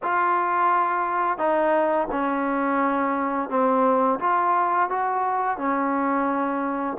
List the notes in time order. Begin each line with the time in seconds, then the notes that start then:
0.03 F4
1.38 D#4
2.11 C#4
3.49 C4
4.19 F4
4.89 F#4
5.57 C#4